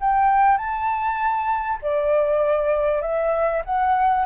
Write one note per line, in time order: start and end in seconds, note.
0.00 0.57 G5
0.57 1.79 A5
1.82 3.01 D5
3.01 3.62 E5
3.65 4.25 F#5